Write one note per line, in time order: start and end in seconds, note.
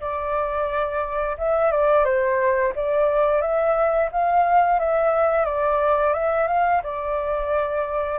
0.00 1.36 D5
1.38 1.71 E5
1.71 2.05 D5
2.05 2.73 C5
2.75 3.42 D5
3.42 4.10 E5
4.12 4.79 F5
4.79 5.45 E5
5.45 6.13 D5
6.13 6.47 E5
6.47 6.82 F5
6.83 8.19 D5